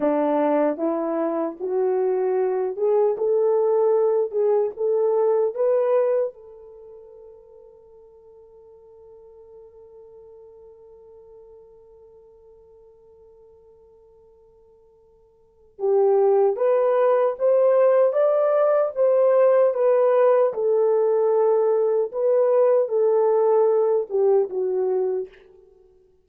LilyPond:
\new Staff \with { instrumentName = "horn" } { \time 4/4 \tempo 4 = 76 d'4 e'4 fis'4. gis'8 | a'4. gis'8 a'4 b'4 | a'1~ | a'1~ |
a'1 | g'4 b'4 c''4 d''4 | c''4 b'4 a'2 | b'4 a'4. g'8 fis'4 | }